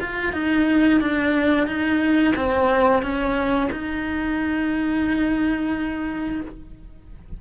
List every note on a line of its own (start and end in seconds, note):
0.00 0.33 F4
0.33 1.00 D#4
1.00 1.66 D4
1.66 2.34 D#4
2.36 3.02 C4
3.02 3.70 C#4
3.71 6.41 D#4